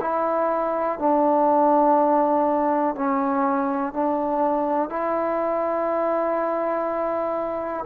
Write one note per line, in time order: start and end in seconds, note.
0.00 0.98 E4
0.98 2.95 D4
2.95 3.93 C#4
3.93 4.89 D4
4.89 7.84 E4